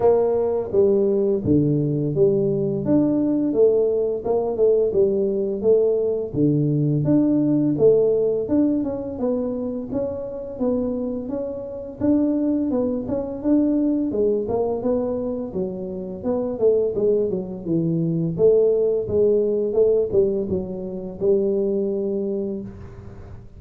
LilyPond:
\new Staff \with { instrumentName = "tuba" } { \time 4/4 \tempo 4 = 85 ais4 g4 d4 g4 | d'4 a4 ais8 a8 g4 | a4 d4 d'4 a4 | d'8 cis'8 b4 cis'4 b4 |
cis'4 d'4 b8 cis'8 d'4 | gis8 ais8 b4 fis4 b8 a8 | gis8 fis8 e4 a4 gis4 | a8 g8 fis4 g2 | }